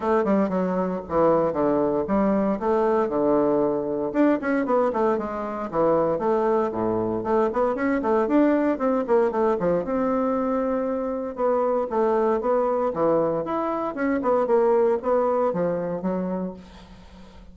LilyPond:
\new Staff \with { instrumentName = "bassoon" } { \time 4/4 \tempo 4 = 116 a8 g8 fis4 e4 d4 | g4 a4 d2 | d'8 cis'8 b8 a8 gis4 e4 | a4 a,4 a8 b8 cis'8 a8 |
d'4 c'8 ais8 a8 f8 c'4~ | c'2 b4 a4 | b4 e4 e'4 cis'8 b8 | ais4 b4 f4 fis4 | }